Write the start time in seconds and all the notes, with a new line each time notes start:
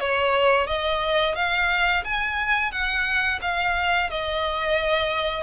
0.00 C#5
0.67 D#5
1.36 F5
2.05 G#5
2.72 F#5
3.42 F5
4.10 D#5